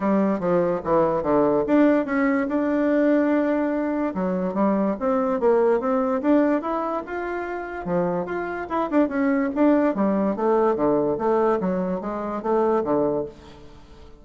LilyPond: \new Staff \with { instrumentName = "bassoon" } { \time 4/4 \tempo 4 = 145 g4 f4 e4 d4 | d'4 cis'4 d'2~ | d'2 fis4 g4 | c'4 ais4 c'4 d'4 |
e'4 f'2 f4 | f'4 e'8 d'8 cis'4 d'4 | g4 a4 d4 a4 | fis4 gis4 a4 d4 | }